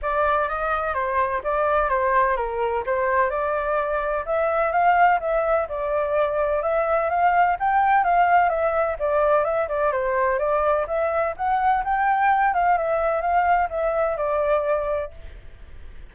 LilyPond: \new Staff \with { instrumentName = "flute" } { \time 4/4 \tempo 4 = 127 d''4 dis''4 c''4 d''4 | c''4 ais'4 c''4 d''4~ | d''4 e''4 f''4 e''4 | d''2 e''4 f''4 |
g''4 f''4 e''4 d''4 | e''8 d''8 c''4 d''4 e''4 | fis''4 g''4. f''8 e''4 | f''4 e''4 d''2 | }